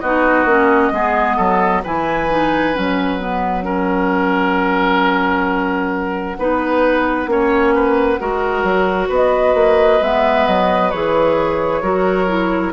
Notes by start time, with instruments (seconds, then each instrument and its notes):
0.00 bassoon B3, clarinet D#4, oboe F#4, flute D#5
0.45 bassoon A#3, clarinet C#4
0.91 bassoon G#3, clarinet B3, oboe G#4
1.36 bassoon F#3, oboe A4
1.83 bassoon E3, clarinet E4, oboe B4, flute G#5
2.29 clarinet D#4
2.74 bassoon F#3, clarinet C#4, flute F#5
3.19 clarinet B3
3.62 clarinet C#4, oboe A#4
6.38 bassoon B3, clarinet D#4, oboe B4
7.27 bassoon A#3, clarinet C#4, oboe C#5
7.74 oboe B4
8.19 bassoon G#3, clarinet F#4, oboe A#4
8.63 bassoon F#3
9.08 bassoon B3, oboe B4, flute D#5
9.54 bassoon A#3
10.01 bassoon G#3, clarinet B3, flute E5
10.47 bassoon F#3, flute D#5
10.90 bassoon E3, clarinet G#4, flute C#5
11.82 bassoon F#3, clarinet F#4, oboe A#4
12.28 clarinet E4